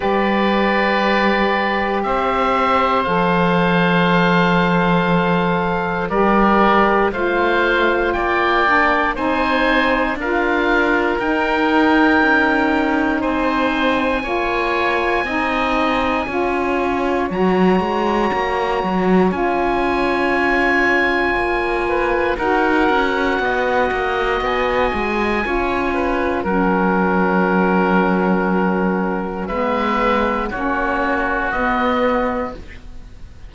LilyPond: <<
  \new Staff \with { instrumentName = "oboe" } { \time 4/4 \tempo 4 = 59 d''2 e''4 f''4~ | f''2 d''4 f''4 | g''4 gis''4 f''4 g''4~ | g''4 gis''2.~ |
gis''4 ais''2 gis''4~ | gis''2 fis''2 | gis''2 fis''2~ | fis''4 e''4 cis''4 dis''4 | }
  \new Staff \with { instrumentName = "oboe" } { \time 4/4 b'2 c''2~ | c''2 ais'4 c''4 | d''4 c''4 ais'2~ | ais'4 c''4 cis''4 dis''4 |
cis''1~ | cis''4. b'8 ais'4 dis''4~ | dis''4 cis''8 b'8 ais'2~ | ais'4 b'4 fis'2 | }
  \new Staff \with { instrumentName = "saxophone" } { \time 4/4 g'2. a'4~ | a'2 g'4 f'4~ | f'8 d'8 dis'4 f'4 dis'4~ | dis'2 f'4 dis'4 |
f'4 fis'2 f'4~ | f'2 fis'2~ | fis'4 f'4 cis'2~ | cis'4 b4 cis'4 b4 | }
  \new Staff \with { instrumentName = "cello" } { \time 4/4 g2 c'4 f4~ | f2 g4 a4 | ais4 c'4 d'4 dis'4 | cis'4 c'4 ais4 c'4 |
cis'4 fis8 gis8 ais8 fis8 cis'4~ | cis'4 ais4 dis'8 cis'8 b8 ais8 | b8 gis8 cis'4 fis2~ | fis4 gis4 ais4 b4 | }
>>